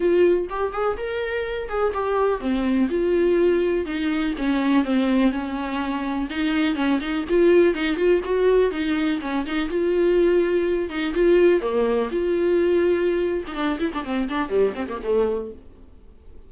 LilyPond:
\new Staff \with { instrumentName = "viola" } { \time 4/4 \tempo 4 = 124 f'4 g'8 gis'8 ais'4. gis'8 | g'4 c'4 f'2 | dis'4 cis'4 c'4 cis'4~ | cis'4 dis'4 cis'8 dis'8 f'4 |
dis'8 f'8 fis'4 dis'4 cis'8 dis'8 | f'2~ f'8 dis'8 f'4 | ais4 f'2~ f'8. dis'16 | d'8 e'16 d'16 c'8 d'8 g8 c'16 ais16 a4 | }